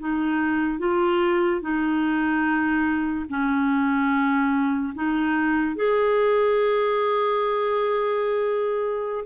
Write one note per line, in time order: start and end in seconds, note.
0.00 0.79 D#4
0.79 1.61 F4
1.61 3.26 D#4
3.30 4.94 C#4
4.95 5.76 D#4
5.76 9.25 G#4